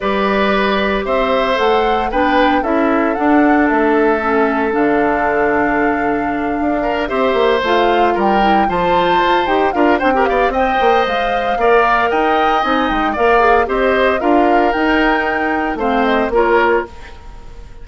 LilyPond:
<<
  \new Staff \with { instrumentName = "flute" } { \time 4/4 \tempo 4 = 114 d''2 e''4 fis''4 | g''4 e''4 fis''4 e''4~ | e''4 f''2.~ | f''4. e''4 f''4 g''8~ |
g''8 a''4. g''8 f''8 g''8 f''8 | g''4 f''2 g''4 | gis''8 g''8 f''4 dis''4 f''4 | g''2 f''8 dis''8 cis''4 | }
  \new Staff \with { instrumentName = "oboe" } { \time 4/4 b'2 c''2 | b'4 a'2.~ | a'1~ | a'4 ais'8 c''2 ais'8~ |
ais'8 c''2 ais'8 c''16 ais'16 d''8 | dis''2 d''4 dis''4~ | dis''4 d''4 c''4 ais'4~ | ais'2 c''4 ais'4 | }
  \new Staff \with { instrumentName = "clarinet" } { \time 4/4 g'2. a'4 | d'4 e'4 d'2 | cis'4 d'2.~ | d'4. g'4 f'4. |
e'8 f'4. g'8 f'8 d'16 g'8. | c''2 ais'2 | dis'4 ais'8 gis'8 g'4 f'4 | dis'2 c'4 f'4 | }
  \new Staff \with { instrumentName = "bassoon" } { \time 4/4 g2 c'4 a4 | b4 cis'4 d'4 a4~ | a4 d2.~ | d8 d'4 c'8 ais8 a4 g8~ |
g8 f4 f'8 dis'8 d'8 c'8 b8 | c'8 ais8 gis4 ais4 dis'4 | c'8 gis8 ais4 c'4 d'4 | dis'2 a4 ais4 | }
>>